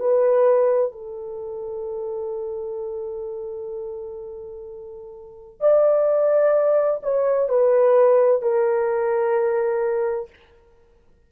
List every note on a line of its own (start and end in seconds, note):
0.00 0.92 B4
0.92 5.61 A4
5.61 7.01 D5
7.03 7.49 C#5
7.49 8.42 B4
8.42 10.30 A#4